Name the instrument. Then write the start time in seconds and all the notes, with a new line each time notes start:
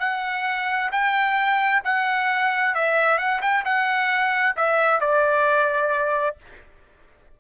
trumpet
0.00 F#5
0.92 G5
1.84 F#5
2.76 E5
3.19 F#5
3.42 G5
3.65 F#5
4.57 E5
5.01 D5